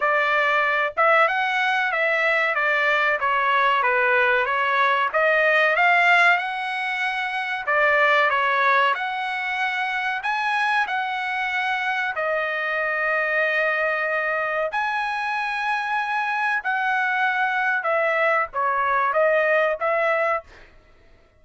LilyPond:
\new Staff \with { instrumentName = "trumpet" } { \time 4/4 \tempo 4 = 94 d''4. e''8 fis''4 e''4 | d''4 cis''4 b'4 cis''4 | dis''4 f''4 fis''2 | d''4 cis''4 fis''2 |
gis''4 fis''2 dis''4~ | dis''2. gis''4~ | gis''2 fis''2 | e''4 cis''4 dis''4 e''4 | }